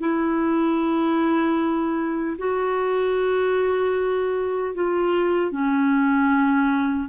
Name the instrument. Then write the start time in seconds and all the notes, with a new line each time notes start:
clarinet
0.00 E4
2.38 F#4
4.74 F4
5.51 C#4